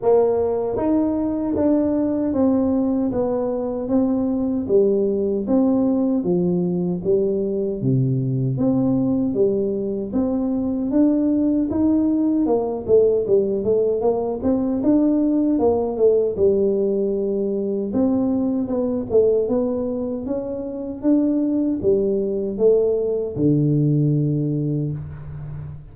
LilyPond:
\new Staff \with { instrumentName = "tuba" } { \time 4/4 \tempo 4 = 77 ais4 dis'4 d'4 c'4 | b4 c'4 g4 c'4 | f4 g4 c4 c'4 | g4 c'4 d'4 dis'4 |
ais8 a8 g8 a8 ais8 c'8 d'4 | ais8 a8 g2 c'4 | b8 a8 b4 cis'4 d'4 | g4 a4 d2 | }